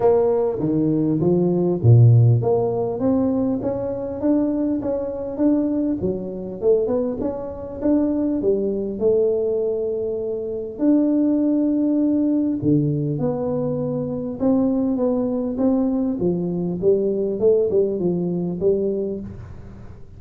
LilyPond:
\new Staff \with { instrumentName = "tuba" } { \time 4/4 \tempo 4 = 100 ais4 dis4 f4 ais,4 | ais4 c'4 cis'4 d'4 | cis'4 d'4 fis4 a8 b8 | cis'4 d'4 g4 a4~ |
a2 d'2~ | d'4 d4 b2 | c'4 b4 c'4 f4 | g4 a8 g8 f4 g4 | }